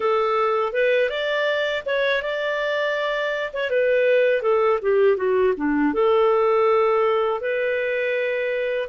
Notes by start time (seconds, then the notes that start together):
0.00 A4
0.72 B4
1.09 D5
1.85 C#5
2.22 D5
3.53 C#5
3.70 B4
4.42 A4
4.81 G4
5.16 F#4
5.57 D4
5.93 A4
7.41 B4